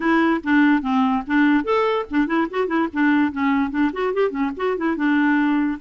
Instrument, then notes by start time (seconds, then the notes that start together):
clarinet
0.00 E4
0.43 D4
0.82 C4
1.26 D4
1.64 A4
2.10 D4
2.26 E4
2.50 F#4
2.67 E4
2.93 D4
3.32 C#4
3.70 D4
3.93 F#4
4.13 G4
4.30 C#4
4.56 F#4
4.77 E4
4.96 D4